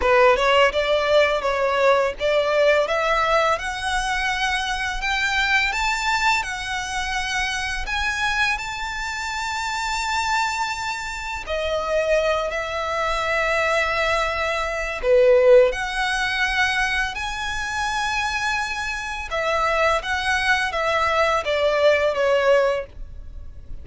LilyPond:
\new Staff \with { instrumentName = "violin" } { \time 4/4 \tempo 4 = 84 b'8 cis''8 d''4 cis''4 d''4 | e''4 fis''2 g''4 | a''4 fis''2 gis''4 | a''1 |
dis''4. e''2~ e''8~ | e''4 b'4 fis''2 | gis''2. e''4 | fis''4 e''4 d''4 cis''4 | }